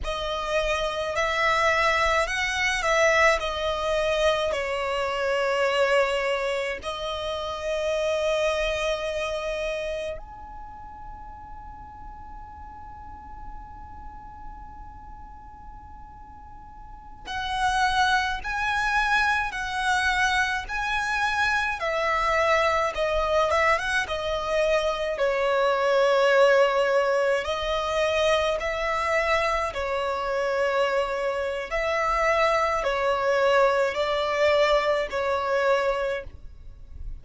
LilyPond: \new Staff \with { instrumentName = "violin" } { \time 4/4 \tempo 4 = 53 dis''4 e''4 fis''8 e''8 dis''4 | cis''2 dis''2~ | dis''4 gis''2.~ | gis''2.~ gis''16 fis''8.~ |
fis''16 gis''4 fis''4 gis''4 e''8.~ | e''16 dis''8 e''16 fis''16 dis''4 cis''4.~ cis''16~ | cis''16 dis''4 e''4 cis''4.~ cis''16 | e''4 cis''4 d''4 cis''4 | }